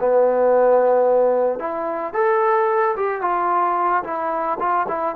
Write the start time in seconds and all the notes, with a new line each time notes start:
0.00 B3
1.60 E4
2.14 A4
2.97 G4
3.22 F4
4.04 E4
4.59 F4
4.88 E4